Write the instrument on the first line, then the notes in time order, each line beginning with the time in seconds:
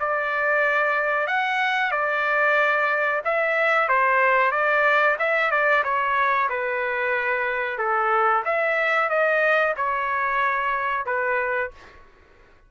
trumpet
0.00 D5
1.27 F#5
1.92 D5
3.25 E5
3.89 C5
4.51 D5
5.19 E5
5.51 D5
5.84 C#5
6.50 B4
7.78 A4
8.45 E5
9.10 D#5
9.77 C#5
11.06 B4